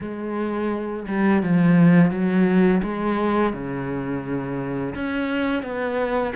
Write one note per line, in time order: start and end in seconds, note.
0.00 1.06 G#3
1.07 1.42 G3
1.42 2.10 F3
2.10 2.81 F#3
2.82 3.53 G#3
3.53 4.94 C#3
4.94 5.62 C#4
5.62 6.33 B3